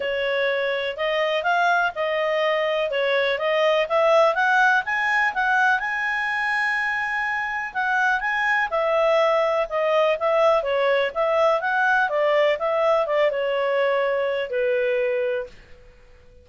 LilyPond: \new Staff \with { instrumentName = "clarinet" } { \time 4/4 \tempo 4 = 124 cis''2 dis''4 f''4 | dis''2 cis''4 dis''4 | e''4 fis''4 gis''4 fis''4 | gis''1 |
fis''4 gis''4 e''2 | dis''4 e''4 cis''4 e''4 | fis''4 d''4 e''4 d''8 cis''8~ | cis''2 b'2 | }